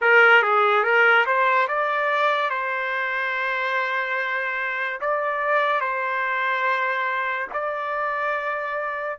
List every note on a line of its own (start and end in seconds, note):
0.01 0.42 A#4
0.42 0.83 G#4
0.83 1.25 A#4
1.25 1.67 C5
1.67 2.50 D5
2.50 5.00 C5
5.00 5.80 D5
5.80 7.47 C5
7.53 9.19 D5